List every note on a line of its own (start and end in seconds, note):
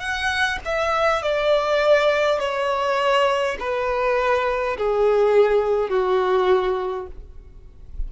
0.00 0.59 F#5
0.65 1.22 E5
1.22 2.40 D5
2.40 3.57 C#5
3.59 4.77 B4
4.78 5.89 G#4
5.89 7.07 F#4